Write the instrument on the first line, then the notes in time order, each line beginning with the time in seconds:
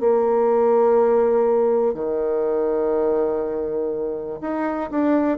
bassoon
0.00 A#3
1.94 D#3
4.41 D#4
4.91 D4